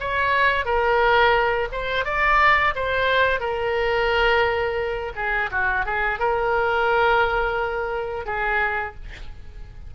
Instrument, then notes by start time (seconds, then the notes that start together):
oboe
0.00 C#5
0.65 A#4
1.72 C5
2.05 D5
2.75 C5
3.40 A#4
5.15 G#4
5.51 F#4
5.85 G#4
6.19 A#4
8.25 G#4